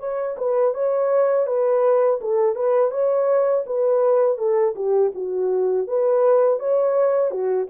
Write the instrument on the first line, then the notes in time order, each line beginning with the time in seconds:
horn
0.00 C#5
0.38 B4
0.75 C#5
1.47 B4
2.22 A4
2.56 B4
2.91 C#5
3.67 B4
4.38 A4
4.76 G4
5.15 F#4
5.88 B4
6.60 C#5
7.31 F#4